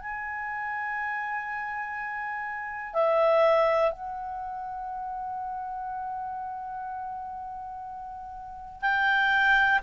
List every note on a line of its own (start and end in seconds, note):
0.00 2.94 G#5
2.94 3.91 E5
3.91 8.82 F#5
8.82 9.80 G5